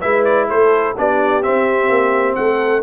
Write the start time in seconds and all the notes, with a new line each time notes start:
0.00 G#3 E4 B4 E5
0.24 D5
0.49 A3 A4 C5
0.97 B3 D4 G4 D5
1.42 C4 E5
1.88 A#3
2.35 A3 A4 F#5